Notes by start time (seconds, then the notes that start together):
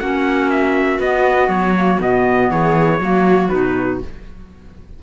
0.00 A#3 C#4 F#4 F#5
0.50 E5
0.99 B3 D#5
1.49 F#3 C#5
1.76 A#3
1.99 B2 B3 D#5
2.51 E3 G#4 C#5
3.00 F#3 A#3 F#4
3.49 B2 D#4 B4